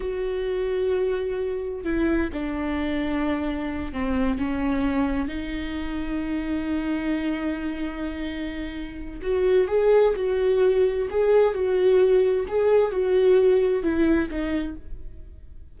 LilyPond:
\new Staff \with { instrumentName = "viola" } { \time 4/4 \tempo 4 = 130 fis'1 | e'4 d'2.~ | d'8 c'4 cis'2 dis'8~ | dis'1~ |
dis'1 | fis'4 gis'4 fis'2 | gis'4 fis'2 gis'4 | fis'2 e'4 dis'4 | }